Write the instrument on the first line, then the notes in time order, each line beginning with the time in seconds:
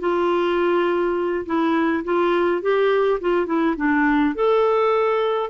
clarinet
0.00 F4
1.46 E4
2.04 F4
2.62 G4
3.21 F4
3.46 E4
3.77 D4
4.35 A4